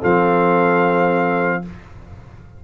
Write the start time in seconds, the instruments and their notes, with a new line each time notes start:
0.00 tuba F3, trombone C4, horn A4, trumpet F5